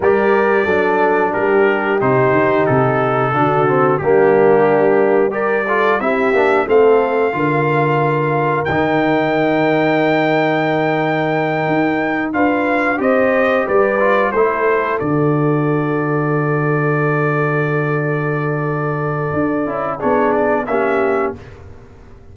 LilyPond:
<<
  \new Staff \with { instrumentName = "trumpet" } { \time 4/4 \tempo 4 = 90 d''2 ais'4 c''4 | a'2 g'2 | d''4 e''4 f''2~ | f''4 g''2.~ |
g''2~ g''8 f''4 dis''8~ | dis''8 d''4 c''4 d''4.~ | d''1~ | d''2 cis''8 d''8 e''4 | }
  \new Staff \with { instrumentName = "horn" } { \time 4/4 ais'4 a'4 g'2~ | g'4 fis'4 d'2 | ais'8 a'8 g'4 a'4 ais'4~ | ais'1~ |
ais'2~ ais'8 b'4 c''8~ | c''8 b'4 a'2~ a'8~ | a'1~ | a'2 gis'4 g'4 | }
  \new Staff \with { instrumentName = "trombone" } { \time 4/4 g'4 d'2 dis'4~ | dis'4 d'8 c'8 ais2 | g'8 f'8 e'8 d'8 c'4 f'4~ | f'4 dis'2.~ |
dis'2~ dis'8 f'4 g'8~ | g'4 f'8 e'4 fis'4.~ | fis'1~ | fis'4. e'8 d'4 cis'4 | }
  \new Staff \with { instrumentName = "tuba" } { \time 4/4 g4 fis4 g4 c8 dis8 | c4 d4 g2~ | g4 c'8 ais8 a4 d4~ | d4 dis2.~ |
dis4. dis'4 d'4 c'8~ | c'8 g4 a4 d4.~ | d1~ | d4 d'8 cis'8 b4 ais4 | }
>>